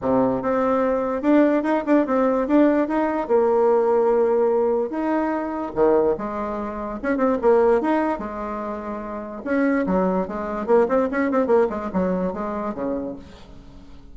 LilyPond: \new Staff \with { instrumentName = "bassoon" } { \time 4/4 \tempo 4 = 146 c4 c'2 d'4 | dis'8 d'8 c'4 d'4 dis'4 | ais1 | dis'2 dis4 gis4~ |
gis4 cis'8 c'8 ais4 dis'4 | gis2. cis'4 | fis4 gis4 ais8 c'8 cis'8 c'8 | ais8 gis8 fis4 gis4 cis4 | }